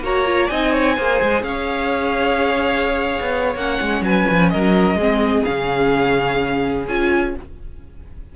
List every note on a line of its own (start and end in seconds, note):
0.00 0.47 A#3
0.00 0.26 F#4
0.00 0.50 C#5
0.00 0.48 A#5
0.26 0.49 F4
0.48 0.98 C4
0.48 0.97 D#4
0.48 0.72 D#5
0.48 1.43 G#5
0.72 0.95 C#5
0.96 1.22 A#3
0.96 3.57 G#4
0.96 1.43 C5
1.22 1.42 G#3
1.42 3.19 C#4
1.42 3.56 F5
1.48 4.05 C#5
3.21 3.56 B3
3.56 3.79 A#3
3.56 4.99 C#4
3.56 4.03 F#5
3.81 4.02 G#3
4.02 4.25 F#3
4.02 4.52 B4
4.02 4.50 G#5
4.30 4.54 F3
4.50 4.95 F#3
4.50 4.98 A#4
4.50 5.44 D#5
4.95 5.43 G#3
4.95 5.46 C4
4.95 7.35 G#4
5.44 6.88 C#3
5.44 6.88 C#4
5.44 6.86 F5
6.88 7.35 C#4
6.88 7.36 F4
6.88 7.35 G#5